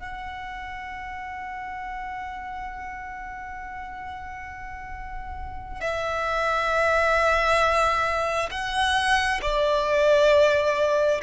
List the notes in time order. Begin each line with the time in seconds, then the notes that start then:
0.00 F#5
5.81 E5
8.52 F#5
9.42 D5